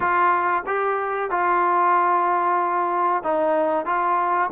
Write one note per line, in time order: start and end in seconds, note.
0.00 0.63 F4
0.66 1.30 G4
1.30 3.23 F4
3.23 3.85 D#4
3.85 4.50 F4